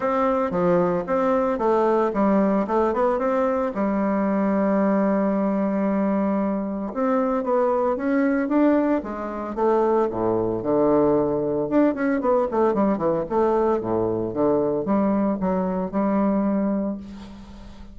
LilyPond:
\new Staff \with { instrumentName = "bassoon" } { \time 4/4 \tempo 4 = 113 c'4 f4 c'4 a4 | g4 a8 b8 c'4 g4~ | g1~ | g4 c'4 b4 cis'4 |
d'4 gis4 a4 a,4 | d2 d'8 cis'8 b8 a8 | g8 e8 a4 a,4 d4 | g4 fis4 g2 | }